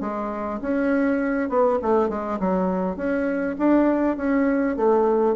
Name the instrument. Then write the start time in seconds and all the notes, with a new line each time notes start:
bassoon
0.00 G#3
0.61 C#4
1.49 B3
1.81 A3
2.09 G#3
2.39 F#3
2.96 C#4
3.58 D4
4.16 C#4
4.76 A3